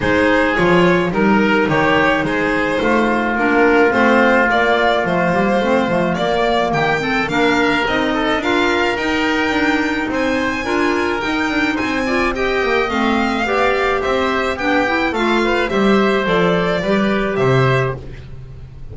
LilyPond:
<<
  \new Staff \with { instrumentName = "violin" } { \time 4/4 \tempo 4 = 107 c''4 cis''4 ais'4 cis''4 | c''2 ais'4 c''4 | d''4 c''2 d''4 | g''4 f''4 dis''4 f''4 |
g''2 gis''2 | g''4 gis''4 g''4 f''4~ | f''4 e''4 g''4 f''4 | e''4 d''2 e''4 | }
  \new Staff \with { instrumentName = "oboe" } { \time 4/4 gis'2 ais'4 g'4 | gis'4 f'2.~ | f'1 | g'8 a'8 ais'4. a'8 ais'4~ |
ais'2 c''4 ais'4~ | ais'4 c''8 d''8 dis''2 | d''4 c''4 g'4 a'8 b'8 | c''2 b'4 c''4 | }
  \new Staff \with { instrumentName = "clarinet" } { \time 4/4 dis'4 f'4 dis'2~ | dis'2 d'4 c'4 | ais4 a8 ais8 c'8 a8 ais4~ | ais8 c'8 d'4 dis'4 f'4 |
dis'2. f'4 | dis'4. f'8 g'4 c'4 | g'2 d'8 e'8 f'4 | g'4 a'4 g'2 | }
  \new Staff \with { instrumentName = "double bass" } { \time 4/4 gis4 f4 g4 dis4 | gis4 a4 ais4 a4 | ais4 f8 g8 a8 f8 ais4 | dis4 ais4 c'4 d'4 |
dis'4 d'4 c'4 d'4 | dis'8 d'8 c'4. ais8 a4 | b4 c'4 b4 a4 | g4 f4 g4 c4 | }
>>